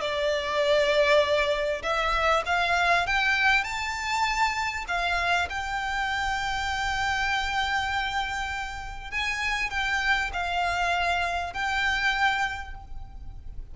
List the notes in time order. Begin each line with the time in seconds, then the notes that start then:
0.00 D5
1.82 E5
2.45 F5
3.06 G5
3.63 A5
4.88 F5
5.49 G5
9.10 G#5
9.70 G5
10.33 F5
11.53 G5